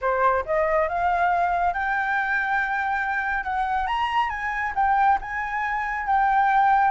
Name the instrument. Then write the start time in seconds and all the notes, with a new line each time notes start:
flute
0.01 C5
0.45 D#5
0.88 F5
1.73 G5
3.43 F#5
3.87 A#5
4.29 G#5
4.75 G5
5.21 G#5
6.06 G5